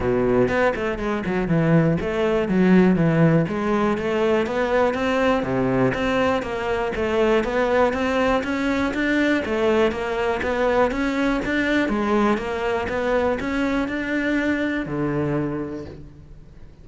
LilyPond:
\new Staff \with { instrumentName = "cello" } { \time 4/4 \tempo 4 = 121 b,4 b8 a8 gis8 fis8 e4 | a4 fis4 e4 gis4 | a4 b4 c'4 c4 | c'4 ais4 a4 b4 |
c'4 cis'4 d'4 a4 | ais4 b4 cis'4 d'4 | gis4 ais4 b4 cis'4 | d'2 d2 | }